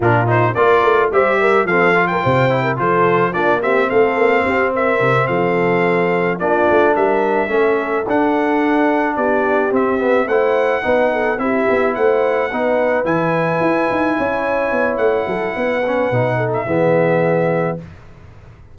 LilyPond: <<
  \new Staff \with { instrumentName = "trumpet" } { \time 4/4 \tempo 4 = 108 ais'8 c''8 d''4 e''4 f''8. g''16~ | g''4 c''4 d''8 e''8 f''4~ | f''8 e''4 f''2 d''8~ | d''8 e''2 fis''4.~ |
fis''8 d''4 e''4 fis''4.~ | fis''8 e''4 fis''2 gis''8~ | gis''2. fis''4~ | fis''4.~ fis''16 e''2~ e''16 | }
  \new Staff \with { instrumentName = "horn" } { \time 4/4 f'4 ais'4 c''8 ais'8 a'8. ais'16 | c''8. ais'16 a'4 f'8 g'8 a'4 | g'8 ais'4 a'2 f'8~ | f'8 ais'4 a'2~ a'8~ |
a'8 g'2 c''4 b'8 | a'8 g'4 c''4 b'4.~ | b'4. cis''2 a'8 | b'4. a'8 gis'2 | }
  \new Staff \with { instrumentName = "trombone" } { \time 4/4 d'8 dis'8 f'4 g'4 c'8 f'8~ | f'8 e'8 f'4 d'8 c'4.~ | c'2.~ c'8 d'8~ | d'4. cis'4 d'4.~ |
d'4. c'8 b8 e'4 dis'8~ | dis'8 e'2 dis'4 e'8~ | e'1~ | e'8 cis'8 dis'4 b2 | }
  \new Staff \with { instrumentName = "tuba" } { \time 4/4 ais,4 ais8 a8 g4 f4 | c4 f4 ais4 a8 ais8 | c'4 c8 f2 ais8 | a8 g4 a4 d'4.~ |
d'8 b4 c'4 a4 b8~ | b8 c'8 b8 a4 b4 e8~ | e8 e'8 dis'8 cis'4 b8 a8 fis8 | b4 b,4 e2 | }
>>